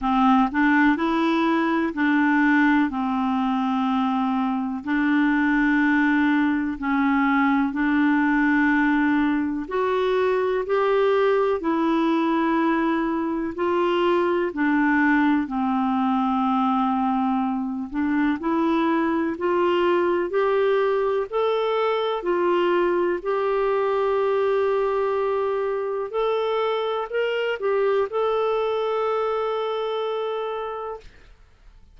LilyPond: \new Staff \with { instrumentName = "clarinet" } { \time 4/4 \tempo 4 = 62 c'8 d'8 e'4 d'4 c'4~ | c'4 d'2 cis'4 | d'2 fis'4 g'4 | e'2 f'4 d'4 |
c'2~ c'8 d'8 e'4 | f'4 g'4 a'4 f'4 | g'2. a'4 | ais'8 g'8 a'2. | }